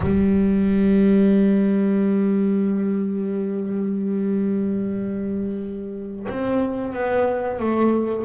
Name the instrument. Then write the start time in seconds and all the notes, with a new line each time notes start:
double bass
0.00 G3
6.28 C4
6.93 B3
7.59 A3